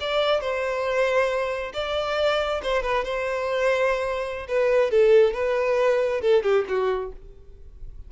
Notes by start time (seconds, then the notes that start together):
0.00 D5
0.41 C5
1.73 D5
2.63 C5
2.82 B4
3.04 C5
4.48 B4
4.90 A4
5.33 B4
6.21 A4
6.43 G4
6.68 F#4